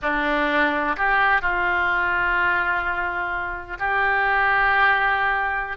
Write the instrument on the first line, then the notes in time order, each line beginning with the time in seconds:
oboe
0.02 D4
0.96 G4
1.41 F4
3.79 G4